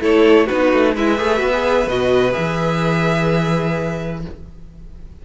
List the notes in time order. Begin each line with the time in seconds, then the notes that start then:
0.00 A3 E4 A4 C#5
0.46 B3 D#4 F#4 B4
0.73 A3
0.94 G#3 E4 B4 E5
1.17 A3 G#4
1.38 B3 F#4
1.52 G#4
1.87 B2 F#4 D#5
2.32 E3 G#4 E5